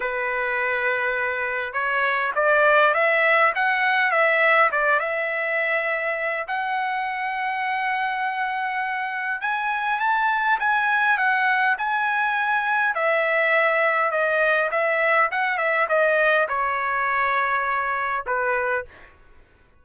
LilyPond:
\new Staff \with { instrumentName = "trumpet" } { \time 4/4 \tempo 4 = 102 b'2. cis''4 | d''4 e''4 fis''4 e''4 | d''8 e''2~ e''8 fis''4~ | fis''1 |
gis''4 a''4 gis''4 fis''4 | gis''2 e''2 | dis''4 e''4 fis''8 e''8 dis''4 | cis''2. b'4 | }